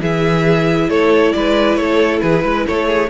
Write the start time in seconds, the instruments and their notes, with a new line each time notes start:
0.00 cello E3, viola E4, violin G#4 E5
0.89 cello A3, violin A4 C#5
1.33 cello G#3, violin B4 D5
1.76 cello A3, violin A4 C#5
2.20 cello E3, violin G#4 B4
2.44 cello G#3, violin B4
2.67 cello A3, violin A4 C#5
2.88 violin G#4